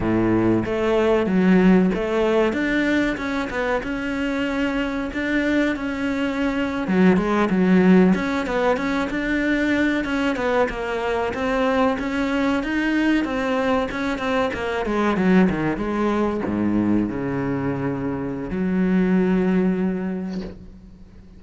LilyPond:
\new Staff \with { instrumentName = "cello" } { \time 4/4 \tempo 4 = 94 a,4 a4 fis4 a4 | d'4 cis'8 b8 cis'2 | d'4 cis'4.~ cis'16 fis8 gis8 fis16~ | fis8. cis'8 b8 cis'8 d'4. cis'16~ |
cis'16 b8 ais4 c'4 cis'4 dis'16~ | dis'8. c'4 cis'8 c'8 ais8 gis8 fis16~ | fis16 dis8 gis4 gis,4 cis4~ cis16~ | cis4 fis2. | }